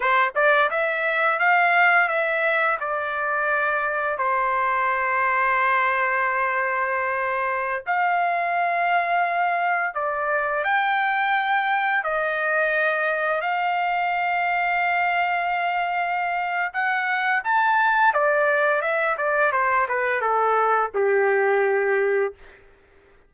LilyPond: \new Staff \with { instrumentName = "trumpet" } { \time 4/4 \tempo 4 = 86 c''8 d''8 e''4 f''4 e''4 | d''2 c''2~ | c''2.~ c''16 f''8.~ | f''2~ f''16 d''4 g''8.~ |
g''4~ g''16 dis''2 f''8.~ | f''1 | fis''4 a''4 d''4 e''8 d''8 | c''8 b'8 a'4 g'2 | }